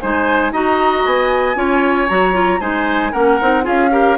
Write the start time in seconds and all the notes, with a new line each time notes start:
0.00 G#3 D#4 C5 G#5
0.52 D#4 F#4 D#5 A#5
1.06 B3 G#5
1.55 C#4 F4 C#5
2.09 F#3 F#4 A#5
2.33 F4
2.60 G#3 D#4 C5 G#5
3.12 A#3 C#4 A#4 F#5
3.41 C4 D#4
3.63 C#4 F4 G#4 F5
3.91 G4 A#4